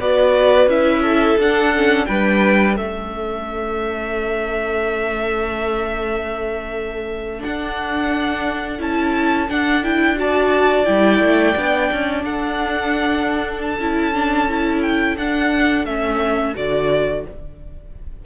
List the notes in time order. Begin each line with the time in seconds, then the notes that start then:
0.00 B3 F#4 B4 D5
0.67 C#4 E4 E5
1.02 A4
1.37 D4 F#5
1.75 C#4
2.06 G3 D4 B4 G5
2.75 A3 C#4 A4 E5
7.39 D4 F#5
8.79 C#4 E4 A5
9.49 D4 F#5
9.83 E4 G5
10.15 F#4 D5 A5
10.85 G3 E4 G5
11.20 A3
11.55 B3 D4
11.92 C#4
12.23 D4 A4 F#5
13.62 A5
13.79 C#4 E4
14.13 D4
14.48 E4
14.81 G5
15.17 D4 F#5
15.85 A3 C#4 E5
16.55 D3 F#4 D5